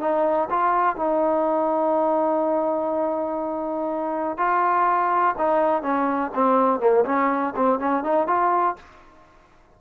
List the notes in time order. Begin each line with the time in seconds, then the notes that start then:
0.00 D#4
0.50 F4
0.96 D#4
4.37 F4
5.38 D#4
5.82 C#4
6.34 C4
6.80 A#3
7.05 C#4
7.56 C4
7.79 C#4
8.03 D#4
8.27 F4